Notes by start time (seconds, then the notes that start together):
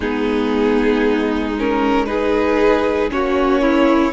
0.00 G#3 B3 D#4 G#4
1.58 C#4 A#4
2.06 D#4 G#4 B4
3.09 A#3 C#4 F#4 C#5
3.61 E4